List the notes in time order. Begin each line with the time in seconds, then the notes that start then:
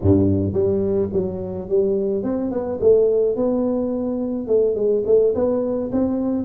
0.01 G2
0.53 G3
1.12 F#3
1.68 G3
2.23 C4
2.50 B3
2.80 A3
3.36 B3
4.47 A3
4.75 G#3
5.06 A3
5.34 B3
5.92 C4